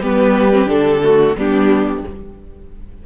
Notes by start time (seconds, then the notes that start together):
0.00 G3 B3 G4 B4
0.52 C4
0.65 D3 D4 A4
1.02 A3 F#4
1.36 G3 B3 D4 G4